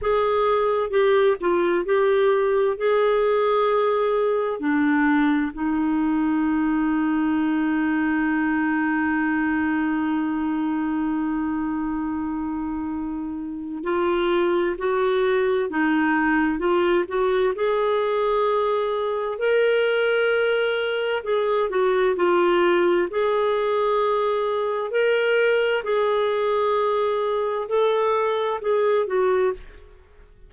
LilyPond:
\new Staff \with { instrumentName = "clarinet" } { \time 4/4 \tempo 4 = 65 gis'4 g'8 f'8 g'4 gis'4~ | gis'4 d'4 dis'2~ | dis'1~ | dis'2. f'4 |
fis'4 dis'4 f'8 fis'8 gis'4~ | gis'4 ais'2 gis'8 fis'8 | f'4 gis'2 ais'4 | gis'2 a'4 gis'8 fis'8 | }